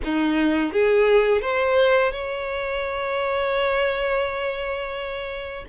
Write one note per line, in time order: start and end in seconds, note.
0.04 0.72 D#4
0.72 1.41 G#4
1.41 2.12 C5
2.12 5.65 C#5